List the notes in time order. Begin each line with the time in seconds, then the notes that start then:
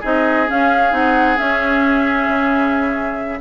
0.00 C4 D#4 G#4 D#5
0.47 C#4 F5
0.91 C4 D#4 F#5
1.37 C#4 E5
2.28 C#3